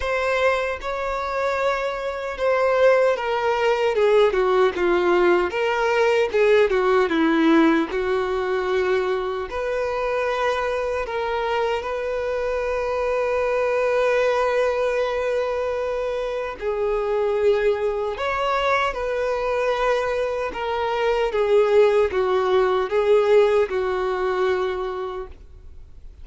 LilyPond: \new Staff \with { instrumentName = "violin" } { \time 4/4 \tempo 4 = 76 c''4 cis''2 c''4 | ais'4 gis'8 fis'8 f'4 ais'4 | gis'8 fis'8 e'4 fis'2 | b'2 ais'4 b'4~ |
b'1~ | b'4 gis'2 cis''4 | b'2 ais'4 gis'4 | fis'4 gis'4 fis'2 | }